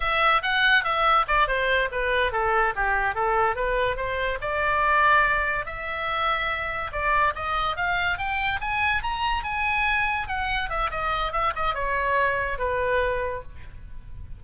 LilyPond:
\new Staff \with { instrumentName = "oboe" } { \time 4/4 \tempo 4 = 143 e''4 fis''4 e''4 d''8 c''8~ | c''8 b'4 a'4 g'4 a'8~ | a'8 b'4 c''4 d''4.~ | d''4. e''2~ e''8~ |
e''8 d''4 dis''4 f''4 g''8~ | g''8 gis''4 ais''4 gis''4.~ | gis''8 fis''4 e''8 dis''4 e''8 dis''8 | cis''2 b'2 | }